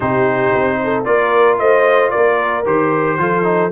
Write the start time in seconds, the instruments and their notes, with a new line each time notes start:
0.00 tuba C3, trombone D#4, horn G4, trumpet C5
0.54 tuba C4
0.83 horn A4
1.04 tuba A#3, trombone F4, horn A#4, trumpet D5
1.58 tuba A3, horn C5, trumpet D#5
2.10 tuba A#3, horn A#4, trumpet D5
2.65 tuba D#3, trombone G4, trumpet C5
3.18 tuba F3, trombone F4, horn A4
3.43 trombone D#4